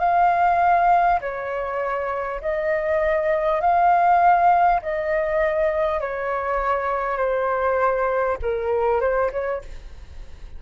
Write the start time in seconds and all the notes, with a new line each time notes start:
0.00 F5
1.21 C#5
2.41 D#5
3.61 F5
4.82 D#5
6.01 C#5
7.17 C5
8.42 A#4
9.01 C5
9.32 C#5